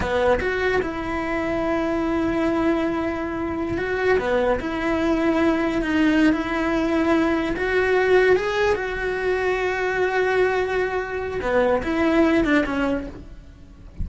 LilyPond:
\new Staff \with { instrumentName = "cello" } { \time 4/4 \tempo 4 = 147 b4 fis'4 e'2~ | e'1~ | e'4~ e'16 fis'4 b4 e'8.~ | e'2~ e'16 dis'4~ dis'16 e'8~ |
e'2~ e'8 fis'4.~ | fis'8 gis'4 fis'2~ fis'8~ | fis'1 | b4 e'4. d'8 cis'4 | }